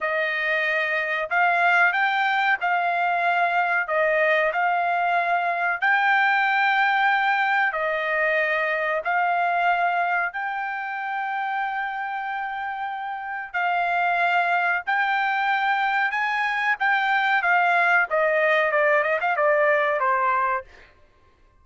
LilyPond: \new Staff \with { instrumentName = "trumpet" } { \time 4/4 \tempo 4 = 93 dis''2 f''4 g''4 | f''2 dis''4 f''4~ | f''4 g''2. | dis''2 f''2 |
g''1~ | g''4 f''2 g''4~ | g''4 gis''4 g''4 f''4 | dis''4 d''8 dis''16 f''16 d''4 c''4 | }